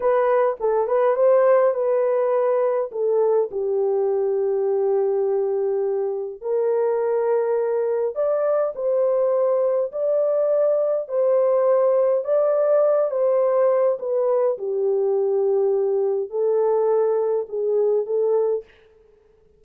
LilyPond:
\new Staff \with { instrumentName = "horn" } { \time 4/4 \tempo 4 = 103 b'4 a'8 b'8 c''4 b'4~ | b'4 a'4 g'2~ | g'2. ais'4~ | ais'2 d''4 c''4~ |
c''4 d''2 c''4~ | c''4 d''4. c''4. | b'4 g'2. | a'2 gis'4 a'4 | }